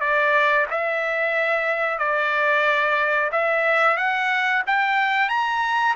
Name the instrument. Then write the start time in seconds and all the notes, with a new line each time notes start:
trumpet
0.00 D5
0.70 E5
1.98 D5
3.32 E5
3.97 F#5
4.66 G5
5.29 A#5